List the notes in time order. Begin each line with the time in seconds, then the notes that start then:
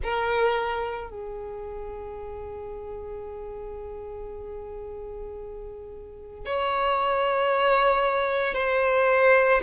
0.03 A#4
1.10 G#4
6.45 C#5
8.54 C5